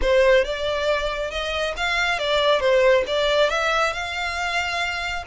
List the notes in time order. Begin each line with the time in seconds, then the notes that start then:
0.01 C5
0.44 D5
1.30 D#5
1.77 F5
2.18 D5
2.60 C5
3.06 D5
3.49 E5
3.93 F5